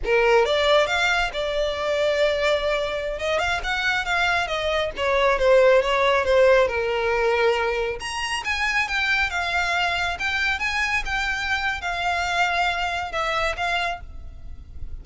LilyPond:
\new Staff \with { instrumentName = "violin" } { \time 4/4 \tempo 4 = 137 ais'4 d''4 f''4 d''4~ | d''2.~ d''16 dis''8 f''16~ | f''16 fis''4 f''4 dis''4 cis''8.~ | cis''16 c''4 cis''4 c''4 ais'8.~ |
ais'2~ ais'16 ais''4 gis''8.~ | gis''16 g''4 f''2 g''8.~ | g''16 gis''4 g''4.~ g''16 f''4~ | f''2 e''4 f''4 | }